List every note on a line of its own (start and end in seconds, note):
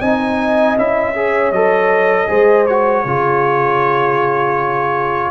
0.00 0.76 C4
0.00 0.76 D#4
0.00 1.14 D#5
0.00 0.77 G#5
0.76 1.51 C#4
0.76 1.14 E4
0.76 1.52 E5
1.15 1.53 G#4
1.15 2.28 C#5
1.51 2.27 F#3
1.51 2.27 A4
1.51 2.66 D#5
2.27 3.05 G#3
2.27 2.65 G#4
2.27 3.04 C5
2.66 3.07 F#4
2.66 5.30 C#5
3.05 5.30 C#3
3.05 5.30 F4
3.05 5.30 G#4